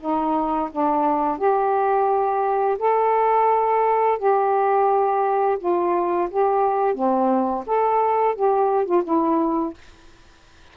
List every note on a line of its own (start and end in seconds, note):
0.00 0.70 D#4
0.72 1.38 D4
1.38 2.78 G4
2.79 4.19 A4
4.19 5.58 G4
5.59 6.29 F4
6.30 6.95 G4
6.95 7.65 C4
7.66 8.36 A4
8.36 8.86 G4
8.86 9.03 F4
9.04 9.74 E4